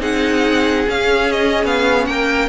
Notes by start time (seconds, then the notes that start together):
0.00 C4 D#4 G#4 F#5
0.88 C#4 F5
1.32 D#5
1.65 B3 F5
2.06 A#3 A#4 G5